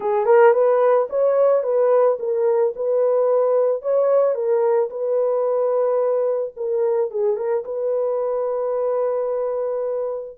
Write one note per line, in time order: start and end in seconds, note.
0.00 0.25 G#4
0.25 0.53 A#4
0.53 1.07 B4
1.09 1.63 C#5
1.63 2.17 B4
2.19 2.73 A#4
2.75 3.82 B4
3.82 4.34 C#5
4.34 4.89 A#4
4.89 6.53 B4
6.56 7.10 A#4
7.10 7.36 G#4
7.36 7.63 A#4
7.64 10.37 B4